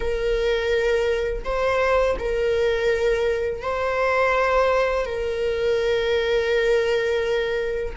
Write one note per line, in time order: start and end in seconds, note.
0.00 1.44 A#4
1.44 2.16 C5
2.18 3.61 A#4
3.61 5.05 C5
5.05 7.95 A#4